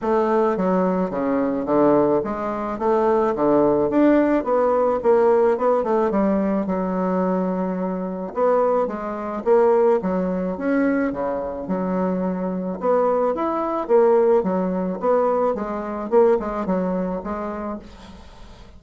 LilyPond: \new Staff \with { instrumentName = "bassoon" } { \time 4/4 \tempo 4 = 108 a4 fis4 cis4 d4 | gis4 a4 d4 d'4 | b4 ais4 b8 a8 g4 | fis2. b4 |
gis4 ais4 fis4 cis'4 | cis4 fis2 b4 | e'4 ais4 fis4 b4 | gis4 ais8 gis8 fis4 gis4 | }